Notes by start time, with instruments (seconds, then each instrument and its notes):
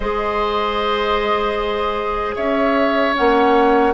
0.00 bassoon G#3, clarinet G#4, oboe C5, flute D#5
2.35 bassoon C#4, oboe C#5, flute E5
3.14 bassoon A#3, clarinet C#4, flute F#5